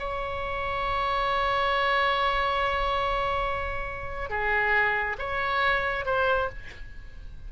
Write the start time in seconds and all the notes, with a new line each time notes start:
0.00 C#5
4.30 G#4
5.19 C#5
6.06 C5